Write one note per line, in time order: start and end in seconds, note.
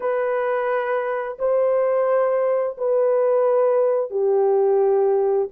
0.00 1.37 B4
1.38 2.76 C5
2.77 4.10 B4
4.10 5.48 G4